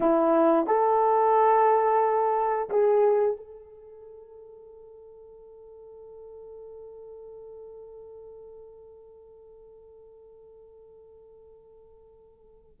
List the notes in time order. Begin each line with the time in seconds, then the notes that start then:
0.00 E4
0.66 A4
2.69 G#4
3.36 A4